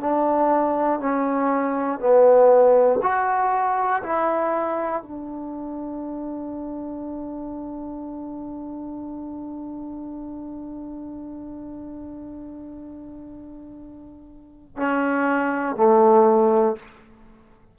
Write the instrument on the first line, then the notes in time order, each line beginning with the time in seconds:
trombone
0.00 D4
1.00 C#4
2.00 B3
3.02 F#4
4.03 E4
5.02 D4
14.76 C#4
15.76 A3